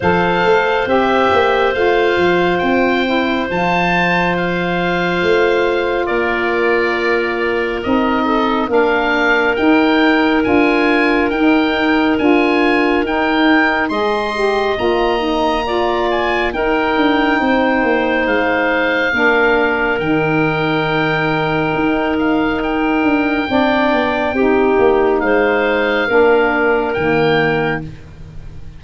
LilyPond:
<<
  \new Staff \with { instrumentName = "oboe" } { \time 4/4 \tempo 4 = 69 f''4 e''4 f''4 g''4 | a''4 f''2 d''4~ | d''4 dis''4 f''4 g''4 | gis''4 g''4 gis''4 g''4 |
c'''4 ais''4. gis''8 g''4~ | g''4 f''2 g''4~ | g''4. f''8 g''2~ | g''4 f''2 g''4 | }
  \new Staff \with { instrumentName = "clarinet" } { \time 4/4 c''1~ | c''2. ais'4~ | ais'4. a'8 ais'2~ | ais'1 |
dis''2 d''4 ais'4 | c''2 ais'2~ | ais'2. d''4 | g'4 c''4 ais'2 | }
  \new Staff \with { instrumentName = "saxophone" } { \time 4/4 a'4 g'4 f'4. e'8 | f'1~ | f'4 dis'4 d'4 dis'4 | f'4 dis'4 f'4 dis'4 |
gis'8 g'8 f'8 dis'8 f'4 dis'4~ | dis'2 d'4 dis'4~ | dis'2. d'4 | dis'2 d'4 ais4 | }
  \new Staff \with { instrumentName = "tuba" } { \time 4/4 f8 a8 c'8 ais8 a8 f8 c'4 | f2 a4 ais4~ | ais4 c'4 ais4 dis'4 | d'4 dis'4 d'4 dis'4 |
gis4 ais2 dis'8 d'8 | c'8 ais8 gis4 ais4 dis4~ | dis4 dis'4. d'8 c'8 b8 | c'8 ais8 gis4 ais4 dis4 | }
>>